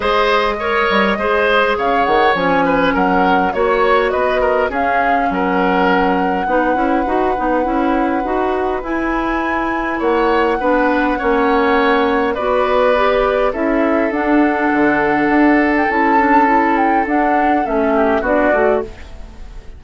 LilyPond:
<<
  \new Staff \with { instrumentName = "flute" } { \time 4/4 \tempo 4 = 102 dis''2. f''8 fis''8 | gis''4 fis''4 cis''4 dis''4 | f''4 fis''2.~ | fis''2. gis''4~ |
gis''4 fis''2.~ | fis''4 d''2 e''4 | fis''2~ fis''8. g''16 a''4~ | a''8 g''8 fis''4 e''4 d''4 | }
  \new Staff \with { instrumentName = "oboe" } { \time 4/4 c''4 cis''4 c''4 cis''4~ | cis''8 b'8 ais'4 cis''4 b'8 ais'8 | gis'4 ais'2 b'4~ | b'1~ |
b'4 cis''4 b'4 cis''4~ | cis''4 b'2 a'4~ | a'1~ | a'2~ a'8 g'8 fis'4 | }
  \new Staff \with { instrumentName = "clarinet" } { \time 4/4 gis'4 ais'4 gis'2 | cis'2 fis'2 | cis'2. dis'8 e'8 | fis'8 dis'8 e'4 fis'4 e'4~ |
e'2 d'4 cis'4~ | cis'4 fis'4 g'4 e'4 | d'2. e'8 d'8 | e'4 d'4 cis'4 d'8 fis'8 | }
  \new Staff \with { instrumentName = "bassoon" } { \time 4/4 gis4. g8 gis4 cis8 dis8 | f4 fis4 ais4 b4 | cis'4 fis2 b8 cis'8 | dis'8 b8 cis'4 dis'4 e'4~ |
e'4 ais4 b4 ais4~ | ais4 b2 cis'4 | d'4 d4 d'4 cis'4~ | cis'4 d'4 a4 b8 a8 | }
>>